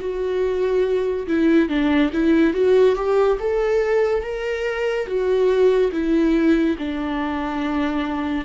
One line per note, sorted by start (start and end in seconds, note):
0.00 1.27 F#4
1.27 1.69 E4
1.69 2.11 D4
2.13 2.54 E4
2.54 2.96 F#4
2.96 3.38 G4
3.40 4.23 A4
4.23 5.07 A#4
5.07 5.91 F#4
5.92 6.76 E4
6.78 8.45 D4